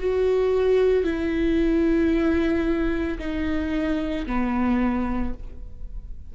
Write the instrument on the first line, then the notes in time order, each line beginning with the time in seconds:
viola
0.00 F#4
1.04 E4
3.19 D#4
4.27 B3